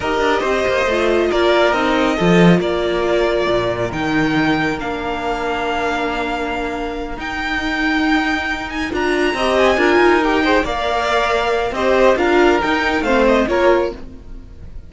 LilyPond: <<
  \new Staff \with { instrumentName = "violin" } { \time 4/4 \tempo 4 = 138 dis''2. d''4 | dis''2 d''2~ | d''4 g''2 f''4~ | f''1~ |
f''8 g''2.~ g''8 | gis''8 ais''4. gis''4. g''8~ | g''8 f''2~ f''8 dis''4 | f''4 g''4 f''8 dis''8 cis''4 | }
  \new Staff \with { instrumentName = "violin" } { \time 4/4 ais'4 c''2 ais'4~ | ais'4 a'4 ais'2~ | ais'1~ | ais'1~ |
ais'1~ | ais'4. dis''4 ais'4. | c''8 d''2~ d''8 c''4 | ais'2 c''4 ais'4 | }
  \new Staff \with { instrumentName = "viola" } { \time 4/4 g'2 f'2 | dis'4 f'2.~ | f'4 dis'2 d'4~ | d'1~ |
d'8 dis'2.~ dis'8~ | dis'8 f'4 g'4 f'4 g'8 | gis'8 ais'2~ ais'8 g'4 | f'4 dis'4 c'4 f'4 | }
  \new Staff \with { instrumentName = "cello" } { \time 4/4 dis'8 d'8 c'8 ais8 a4 ais4 | c'4 f4 ais2 | ais,4 dis2 ais4~ | ais1~ |
ais8 dis'2.~ dis'8~ | dis'8 d'4 c'4 d'8 dis'4~ | dis'8 ais2~ ais8 c'4 | d'4 dis'4 a4 ais4 | }
>>